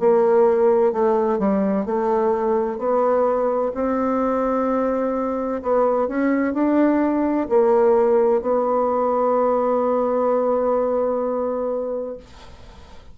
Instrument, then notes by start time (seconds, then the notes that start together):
bassoon
0.00 A#3
0.93 A3
1.39 G3
1.86 A3
2.79 B3
3.75 C4
5.62 B3
6.08 C#4
6.54 D4
7.50 A#3
8.42 B3